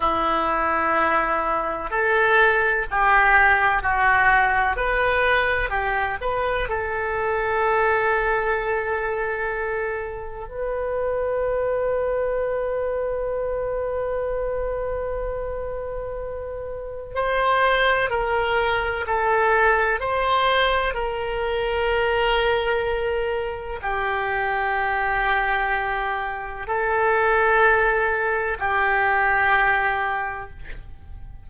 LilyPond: \new Staff \with { instrumentName = "oboe" } { \time 4/4 \tempo 4 = 63 e'2 a'4 g'4 | fis'4 b'4 g'8 b'8 a'4~ | a'2. b'4~ | b'1~ |
b'2 c''4 ais'4 | a'4 c''4 ais'2~ | ais'4 g'2. | a'2 g'2 | }